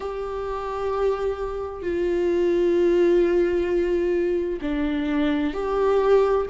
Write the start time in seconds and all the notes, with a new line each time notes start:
0.00 G4
1.82 F4
4.62 D4
5.53 G4